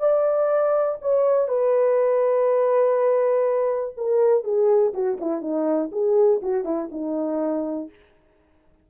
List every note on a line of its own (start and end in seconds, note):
0.00 0.98 D5
1.02 1.49 C#5
1.49 3.95 B4
3.97 4.44 A#4
4.44 4.93 G#4
4.94 5.19 F#4
5.21 5.42 E4
5.42 5.91 D#4
5.92 6.42 G#4
6.42 6.65 F#4
6.65 6.90 E4
6.92 7.90 D#4